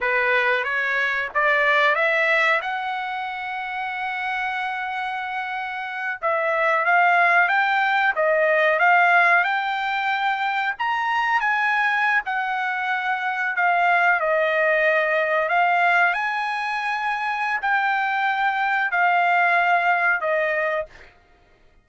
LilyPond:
\new Staff \with { instrumentName = "trumpet" } { \time 4/4 \tempo 4 = 92 b'4 cis''4 d''4 e''4 | fis''1~ | fis''4. e''4 f''4 g''8~ | g''8 dis''4 f''4 g''4.~ |
g''8 ais''4 gis''4~ gis''16 fis''4~ fis''16~ | fis''8. f''4 dis''2 f''16~ | f''8. gis''2~ gis''16 g''4~ | g''4 f''2 dis''4 | }